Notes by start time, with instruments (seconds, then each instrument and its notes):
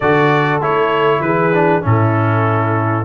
0.00 tuba D3, trombone F#4, horn A4, trumpet D5
0.60 tuba A3, trombone E4, trumpet C#5
1.20 tuba E3, horn G#4, trumpet B4
1.53 trombone D4
1.81 tuba A2, trombone C#4, horn E4, trumpet A4